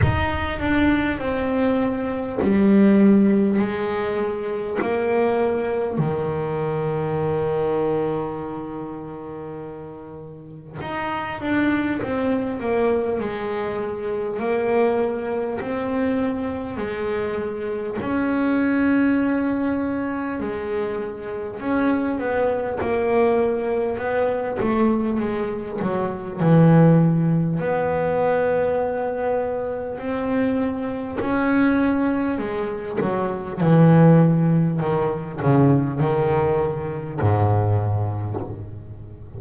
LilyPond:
\new Staff \with { instrumentName = "double bass" } { \time 4/4 \tempo 4 = 50 dis'8 d'8 c'4 g4 gis4 | ais4 dis2.~ | dis4 dis'8 d'8 c'8 ais8 gis4 | ais4 c'4 gis4 cis'4~ |
cis'4 gis4 cis'8 b8 ais4 | b8 a8 gis8 fis8 e4 b4~ | b4 c'4 cis'4 gis8 fis8 | e4 dis8 cis8 dis4 gis,4 | }